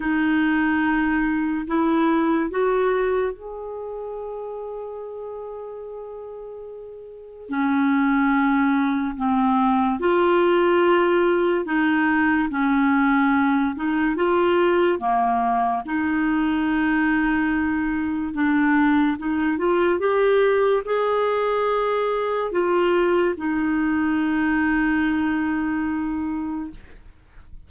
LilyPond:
\new Staff \with { instrumentName = "clarinet" } { \time 4/4 \tempo 4 = 72 dis'2 e'4 fis'4 | gis'1~ | gis'4 cis'2 c'4 | f'2 dis'4 cis'4~ |
cis'8 dis'8 f'4 ais4 dis'4~ | dis'2 d'4 dis'8 f'8 | g'4 gis'2 f'4 | dis'1 | }